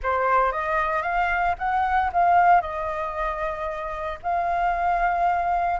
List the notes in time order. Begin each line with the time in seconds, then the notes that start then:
0.02 C5
0.52 D#5
1.02 F5
1.58 F#5
2.12 F5
2.61 D#5
4.22 F5